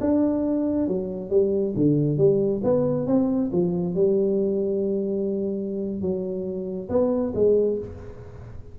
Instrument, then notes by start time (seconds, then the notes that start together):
tuba
0.00 D4
0.88 F#3
1.30 G3
1.76 D3
2.17 G3
2.63 B3
3.07 C4
3.52 F3
3.94 G3
6.01 F#3
6.89 B3
7.34 G#3